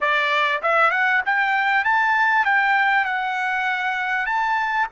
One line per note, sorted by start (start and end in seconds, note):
0.00 0.62 D5
0.62 0.90 E5
0.90 1.21 F#5
1.25 1.84 G5
1.84 2.45 A5
2.45 3.04 G5
3.04 4.26 F#5
4.26 4.87 A5